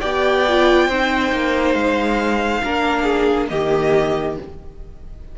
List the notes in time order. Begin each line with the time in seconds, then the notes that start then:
0.00 B3 G4 D5 G5
0.48 F4
0.88 C4 D#4 C5
1.32 A#3
1.73 G#3 F5
2.64 A#3 D4 A#4
3.03 G#4
3.48 D#3 A#3 G4 D#5